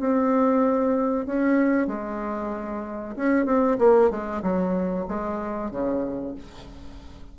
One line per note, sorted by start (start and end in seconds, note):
0.00 1.26 C4
1.26 1.88 C#4
1.88 3.15 G#3
3.17 3.46 C#4
3.46 3.78 C4
3.79 4.11 A#3
4.11 4.42 G#3
4.43 5.07 F#3
5.08 5.72 G#3
5.72 6.35 C#3